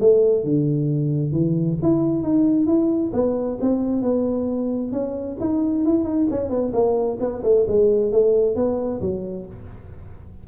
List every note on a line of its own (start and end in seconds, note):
0.00 0.44 A3
0.44 1.32 D3
1.32 1.77 E3
1.83 2.23 E4
2.23 2.66 D#4
2.66 3.11 E4
3.14 3.59 B3
3.61 4.02 C4
4.02 4.92 B3
4.92 5.37 C#4
5.40 5.85 D#4
5.85 6.05 E4
6.05 6.27 D#4
6.30 6.50 C#4
6.50 6.72 B3
6.73 7.18 A#3
7.20 7.43 B3
7.44 7.66 A3
7.68 8.12 G#3
8.12 8.56 A3
8.56 9.01 B3
9.01 9.46 F#3